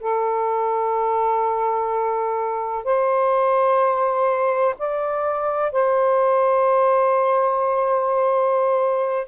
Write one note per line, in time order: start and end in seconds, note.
0.00 2.84 A4
2.84 4.74 C5
4.78 5.72 D5
5.72 9.27 C5